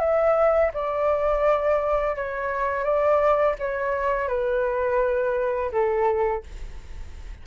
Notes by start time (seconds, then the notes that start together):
0.00 E5
0.74 D5
2.16 C#5
2.84 D5
3.59 C#5
4.29 B4
5.72 A4